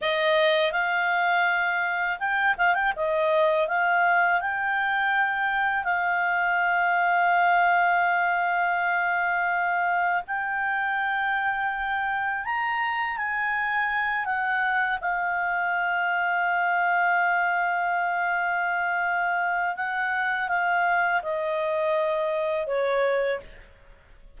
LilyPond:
\new Staff \with { instrumentName = "clarinet" } { \time 4/4 \tempo 4 = 82 dis''4 f''2 g''8 f''16 g''16 | dis''4 f''4 g''2 | f''1~ | f''2 g''2~ |
g''4 ais''4 gis''4. fis''8~ | fis''8 f''2.~ f''8~ | f''2. fis''4 | f''4 dis''2 cis''4 | }